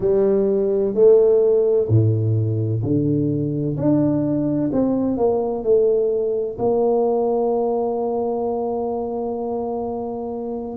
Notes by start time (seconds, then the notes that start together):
0.00 G3
0.94 A3
1.88 A2
2.82 D3
3.76 D4
4.72 C4
5.17 A#3
5.63 A3
6.58 A#3